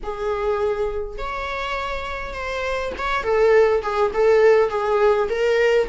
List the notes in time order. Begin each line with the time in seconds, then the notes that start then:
0.03 G#4
1.17 C#5
2.33 C5
2.97 C#5
3.23 A4
3.82 G#4
4.13 A4
4.69 G#4
5.29 A#4